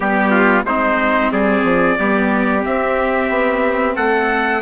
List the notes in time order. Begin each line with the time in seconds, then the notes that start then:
0.00 G3 B3 G4
0.30 F4
0.63 G#3 C4 D#4 C5
1.31 G3 G#4 D5
1.63 F3
1.98 G3 B3 G4
2.63 C4 E5
3.29 B3
3.95 A3 A4 F#5